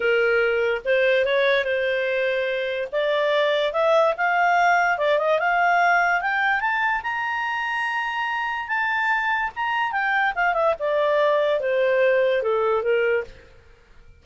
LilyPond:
\new Staff \with { instrumentName = "clarinet" } { \time 4/4 \tempo 4 = 145 ais'2 c''4 cis''4 | c''2. d''4~ | d''4 e''4 f''2 | d''8 dis''8 f''2 g''4 |
a''4 ais''2.~ | ais''4 a''2 ais''4 | g''4 f''8 e''8 d''2 | c''2 a'4 ais'4 | }